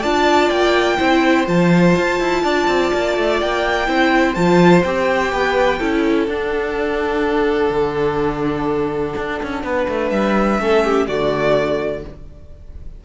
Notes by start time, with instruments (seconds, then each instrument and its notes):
0.00 cello D4, viola F4, violin D5 A5
0.50 cello A#3, violin G5
0.98 cello C4, viola E4, violin C5
1.45 cello F3, viola F4, violin A5
1.96 cello F4
2.20 cello E4
2.44 cello D4, violin D5
2.67 cello C4
2.93 cello A#3
3.17 cello A3
3.41 cello A#3, violin G5
3.85 cello C4, viola E4, violin C5
4.34 cello F3, viola F4, violin A5
4.83 cello C4, viola G4, violin G5
5.32 cello B3, violin B4
5.79 cello C#4, viola E4, violin A4
6.26 cello D4, viola D4, violin F#5
7.70 cello D3
9.17 cello D4
9.43 cello C#4
9.63 cello B3, violin B4
9.88 cello A3
10.10 cello G3, violin E5
10.59 cello A3, viola C#4, violin A4
10.84 violin G4
11.07 cello D3, viola A3, violin F#4 D5